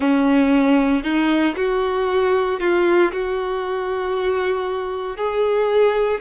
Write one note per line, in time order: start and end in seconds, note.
0.00 1.03 C#4
1.03 1.55 D#4
1.56 2.60 F#4
2.60 3.11 F4
3.11 5.16 F#4
5.16 6.20 G#4